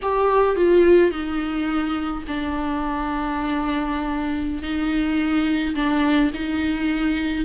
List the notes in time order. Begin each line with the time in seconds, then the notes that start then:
0.02 G4
0.56 F4
1.11 D#4
2.27 D4
4.62 D#4
5.75 D4
6.34 D#4